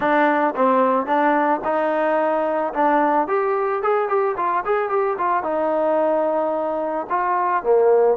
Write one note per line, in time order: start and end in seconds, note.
0.00 0.54 D4
0.55 1.05 C4
1.05 1.60 D4
1.64 2.73 D#4
2.73 3.27 D4
3.27 3.82 G4
3.82 4.08 G#4
4.08 4.35 G4
4.36 4.64 F4
4.65 4.89 G#4
4.89 5.16 G4
5.18 5.43 F4
5.43 7.06 D#4
7.09 7.63 F4
7.63 8.17 A#3